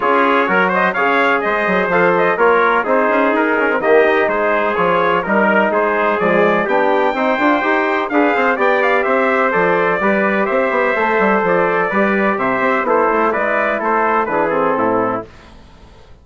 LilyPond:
<<
  \new Staff \with { instrumentName = "trumpet" } { \time 4/4 \tempo 4 = 126 cis''4. dis''8 f''4 dis''4 | f''8 dis''8 cis''4 c''4 ais'4 | dis''4 c''4 cis''4 ais'4 | c''4 d''4 g''2~ |
g''4 f''4 g''8 f''8 e''4 | d''2 e''2 | d''2 e''4 c''4 | d''4 c''4 b'8 a'4. | }
  \new Staff \with { instrumentName = "trumpet" } { \time 4/4 gis'4 ais'8 c''8 cis''4 c''4~ | c''4 ais'4 gis'2 | g'4 gis'2 ais'4 | gis'2 g'4 c''4~ |
c''4 b'8 c''8 d''4 c''4~ | c''4 b'4 c''2~ | c''4 b'4 c''4 e'4 | b'4 a'4 gis'4 e'4 | }
  \new Staff \with { instrumentName = "trombone" } { \time 4/4 f'4 fis'4 gis'2 | a'4 f'4 dis'4. cis'16 c'16 | ais8 dis'4. f'4 dis'4~ | dis'4 gis4 d'4 dis'8 f'8 |
g'4 gis'4 g'2 | a'4 g'2 a'4~ | a'4 g'2 a'4 | e'2 d'8 c'4. | }
  \new Staff \with { instrumentName = "bassoon" } { \time 4/4 cis'4 fis4 cis4 gis8 fis8 | f4 ais4 c'8 cis'8 dis'4 | dis4 gis4 f4 g4 | gis4 f4 b4 c'8 d'8 |
dis'4 d'8 c'8 b4 c'4 | f4 g4 c'8 b8 a8 g8 | f4 g4 c8 c'8 b8 a8 | gis4 a4 e4 a,4 | }
>>